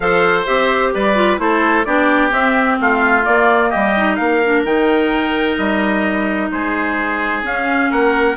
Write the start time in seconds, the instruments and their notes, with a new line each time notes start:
0.00 bassoon F3, clarinet A4, oboe C5, trumpet F5
0.46 bassoon C4, clarinet G4, trumpet E5
0.93 bassoon G3, oboe B4, trumpet D5
1.15 clarinet F4
1.37 bassoon A3, clarinet E4, oboe A4, trumpet C5
1.84 bassoon B3, clarinet D4, oboe G4, trumpet D5
2.30 clarinet C4, bassoon C4, trumpet E5
2.80 bassoon A3, oboe F4, trumpet F5
3.24 clarinet A#3, bassoon A#3, trumpet D5
3.69 bassoon G3, oboe G4, trumpet D#5
3.96 clarinet D#4
4.16 bassoon A#3, oboe A#4, trumpet F5
4.44 clarinet D4
4.64 bassoon D#3, clarinet D#4, trumpet G5
5.58 bassoon G3, trumpet D#5
6.51 bassoon G#3, oboe G#4, trumpet C5
7.43 bassoon C#4, clarinet C#4, trumpet F5
7.90 bassoon A#3, oboe A#4, trumpet F#5